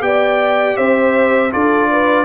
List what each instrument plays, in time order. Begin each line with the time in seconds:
0.00 tuba B3, trombone G4, horn D5, trumpet G5
0.77 tuba C4, horn C5, trumpet E5
1.51 tuba D4, trombone F4, horn A4, trumpet D5
1.91 horn B4